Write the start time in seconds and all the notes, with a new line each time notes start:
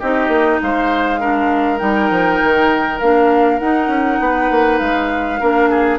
0.00 C4 D#4 G4 D#5
0.28 A#3
0.62 G#3 C5 F5
1.20 D4 A#4
1.79 G3 D#4 G5
2.11 F3
2.44 D#3
2.99 A#3 D4 F5
3.60 D#4 F#5
3.88 C#4
4.21 B3 B4
4.51 A#3
4.79 G#3 F5
5.40 A#3 D4 A#4
5.70 G#4